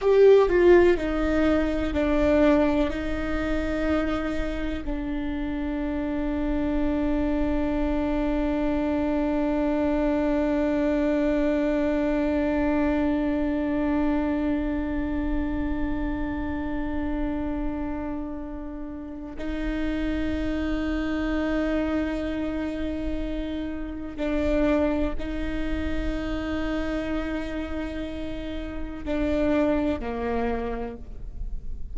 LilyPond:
\new Staff \with { instrumentName = "viola" } { \time 4/4 \tempo 4 = 62 g'8 f'8 dis'4 d'4 dis'4~ | dis'4 d'2.~ | d'1~ | d'1~ |
d'1 | dis'1~ | dis'4 d'4 dis'2~ | dis'2 d'4 ais4 | }